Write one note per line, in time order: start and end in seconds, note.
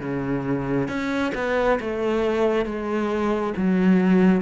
0.00 0.88 C#3
0.88 1.32 C#4
1.35 1.79 B3
1.80 2.66 A3
2.66 3.54 G#3
3.57 4.42 F#3